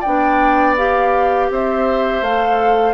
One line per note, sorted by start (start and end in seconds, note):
0.00 0.77 D4
0.00 1.46 D5
0.00 0.75 G5
0.06 1.50 B3
0.77 2.24 G4
0.77 1.50 F5
1.50 2.21 C4
1.50 2.94 C5
1.50 2.24 E5
2.21 2.94 A3
2.21 2.94 A4
2.21 2.94 F5